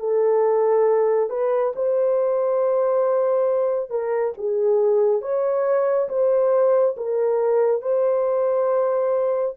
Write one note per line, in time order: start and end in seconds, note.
0.00 1.30 A4
1.30 1.74 B4
1.76 3.90 C5
3.90 4.34 A#4
4.38 5.22 G#4
5.22 6.09 C#5
6.09 6.96 C5
6.97 7.82 A#4
7.82 9.56 C5